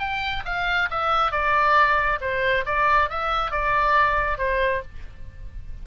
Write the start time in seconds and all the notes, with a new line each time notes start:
0.00 G5
0.46 F5
0.91 E5
1.32 D5
2.21 C5
2.66 D5
3.10 E5
3.52 D5
4.39 C5